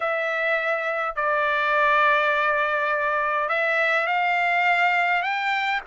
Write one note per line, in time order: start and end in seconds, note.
0.00 1.15 E5
1.15 3.48 D5
3.48 4.06 E5
4.06 5.22 F5
5.22 5.80 G5